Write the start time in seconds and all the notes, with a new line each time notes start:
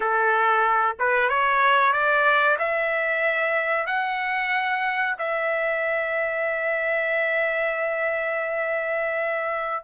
0.00 A4
0.99 B4
1.29 C#5
1.92 D5
2.58 E5
3.86 F#5
5.18 E5